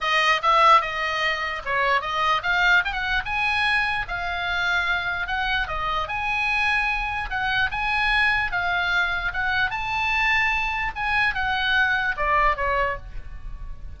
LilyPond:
\new Staff \with { instrumentName = "oboe" } { \time 4/4 \tempo 4 = 148 dis''4 e''4 dis''2 | cis''4 dis''4 f''4 g''16 fis''8. | gis''2 f''2~ | f''4 fis''4 dis''4 gis''4~ |
gis''2 fis''4 gis''4~ | gis''4 f''2 fis''4 | a''2. gis''4 | fis''2 d''4 cis''4 | }